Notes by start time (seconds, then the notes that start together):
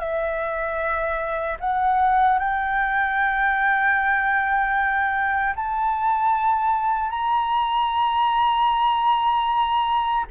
0.00 E5
1.60 F#5
2.39 G5
5.56 A5
7.11 A#5